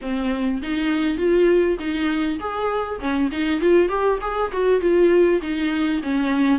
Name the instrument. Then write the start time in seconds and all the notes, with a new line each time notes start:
viola
0.01 C4
0.62 D#4
1.17 F4
1.79 D#4
2.39 G#4
3.00 C#4
3.31 D#4
3.60 F4
3.88 G4
4.21 G#4
4.51 F#4
4.80 F4
5.41 D#4
6.02 C#4